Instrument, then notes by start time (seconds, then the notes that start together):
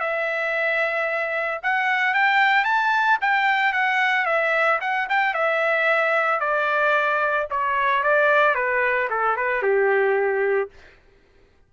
trumpet
0.00 E5
1.62 F#5
2.14 G5
2.64 A5
3.21 G5
3.73 F#5
4.25 E5
4.81 F#5
5.09 G5
5.34 E5
6.40 D5
7.50 C#5
8.03 D5
8.55 B4
9.10 A4
9.36 B4
9.62 G4